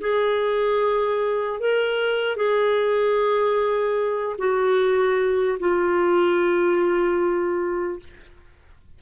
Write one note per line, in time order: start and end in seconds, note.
0.00 1.60 G#4
1.60 2.36 A#4
2.36 4.36 G#4
4.38 5.58 F#4
5.59 7.99 F4